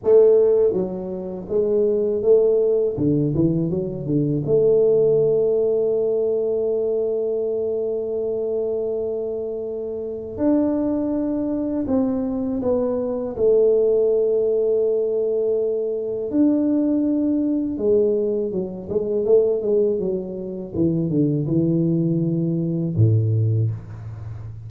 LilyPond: \new Staff \with { instrumentName = "tuba" } { \time 4/4 \tempo 4 = 81 a4 fis4 gis4 a4 | d8 e8 fis8 d8 a2~ | a1~ | a2 d'2 |
c'4 b4 a2~ | a2 d'2 | gis4 fis8 gis8 a8 gis8 fis4 | e8 d8 e2 a,4 | }